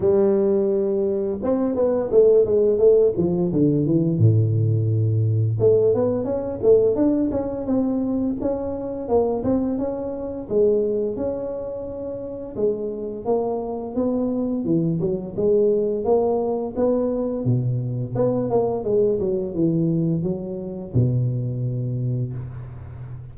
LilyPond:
\new Staff \with { instrumentName = "tuba" } { \time 4/4 \tempo 4 = 86 g2 c'8 b8 a8 gis8 | a8 f8 d8 e8 a,2 | a8 b8 cis'8 a8 d'8 cis'8 c'4 | cis'4 ais8 c'8 cis'4 gis4 |
cis'2 gis4 ais4 | b4 e8 fis8 gis4 ais4 | b4 b,4 b8 ais8 gis8 fis8 | e4 fis4 b,2 | }